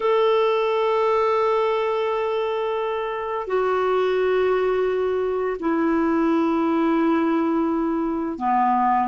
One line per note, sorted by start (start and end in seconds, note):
0.00 3.47 A4
3.47 5.56 F#4
5.59 8.38 E4
8.38 9.07 B3